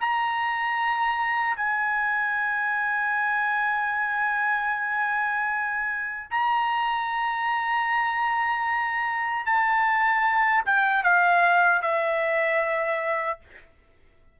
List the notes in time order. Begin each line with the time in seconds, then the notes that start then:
0.00 A#5
1.56 G#5
6.31 A#5
9.46 A5
10.65 G5
11.03 F5
11.82 E5